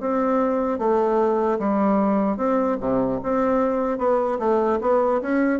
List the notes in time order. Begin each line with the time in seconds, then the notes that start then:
0.00 C4
0.79 A3
1.59 G3
2.37 C4
2.80 C3
3.23 C4
3.98 B3
4.39 A3
4.81 B3
5.21 C#4